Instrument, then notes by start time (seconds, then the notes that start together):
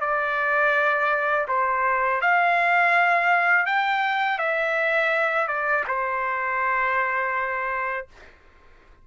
trumpet
0.00 D5
1.48 C5
2.21 F5
3.66 G5
4.38 E5
5.47 D5
5.87 C5